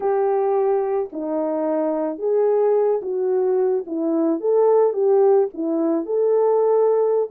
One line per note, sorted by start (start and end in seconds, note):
0.00 1.09 G4
1.12 2.18 D#4
2.18 3.01 G#4
3.02 3.84 F#4
3.86 4.40 E4
4.40 4.93 A4
4.93 5.48 G4
5.54 6.05 E4
6.05 7.29 A4